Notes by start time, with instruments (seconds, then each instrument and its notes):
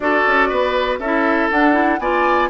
0.00 bassoon D4, clarinet F#4, oboe A4, flute D5
0.26 bassoon C#4
0.49 bassoon B3, oboe B4
0.99 bassoon C#4, clarinet E4, oboe A4, flute E5
1.50 bassoon D4, clarinet D4, flute F#5
1.73 clarinet E4
1.99 bassoon B3, clarinet F4, oboe D5, flute G#5